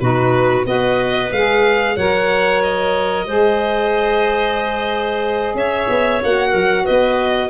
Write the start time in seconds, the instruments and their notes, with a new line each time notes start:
0.00 tuba B2, saxophone D#4, clarinet F#4, violin B4
0.65 tuba B3, saxophone F#4, clarinet B4, violin D#5
1.32 tuba G#3, saxophone G#4, violin F5
1.96 tuba F#3, saxophone A#4, clarinet C#5, violin F#5
2.62 violin D#5
3.27 tuba G#3, saxophone G#4, clarinet C5
5.54 tuba C#4, clarinet C#5, violin E5
5.89 tuba B3
6.24 tuba A#3, saxophone F#4, violin F#5
6.50 tuba F#3, clarinet A#4
6.84 tuba B3, clarinet B4, violin D#5